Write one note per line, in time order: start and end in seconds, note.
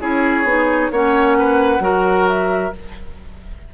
0.00 0.44 C#4
0.00 0.45 E4
0.00 0.92 G#4
0.00 0.92 C#5
0.44 0.89 B3
0.44 0.92 D#4
0.91 1.80 A#3
0.91 1.80 C#4
0.91 1.38 C#5
0.91 2.28 F#5
1.39 1.83 B4
1.80 2.71 F#3
1.80 2.71 F#4
1.80 2.74 A#4
2.28 2.74 E5